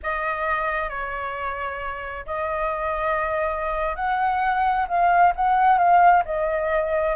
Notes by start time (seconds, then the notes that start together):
0.02 D#5
0.89 C#5
2.26 D#5
3.95 F#5
4.87 F5
5.35 F#5
5.77 F5
6.25 D#5